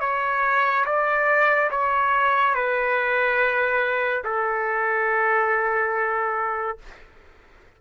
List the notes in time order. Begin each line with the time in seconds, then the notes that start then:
0.00 C#5
0.85 D5
1.70 C#5
2.54 B4
4.24 A4